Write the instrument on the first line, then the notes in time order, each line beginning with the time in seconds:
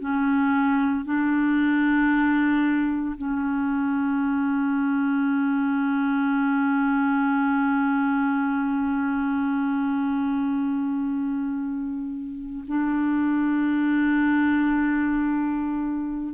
clarinet
0.00 C#4
1.05 D4
3.18 C#4
12.68 D4